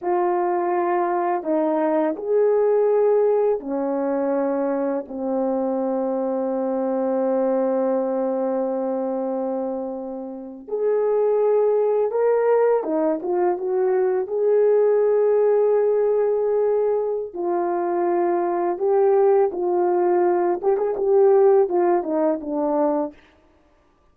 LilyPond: \new Staff \with { instrumentName = "horn" } { \time 4/4 \tempo 4 = 83 f'2 dis'4 gis'4~ | gis'4 cis'2 c'4~ | c'1~ | c'2~ c'8. gis'4~ gis'16~ |
gis'8. ais'4 dis'8 f'8 fis'4 gis'16~ | gis'1 | f'2 g'4 f'4~ | f'8 g'16 gis'16 g'4 f'8 dis'8 d'4 | }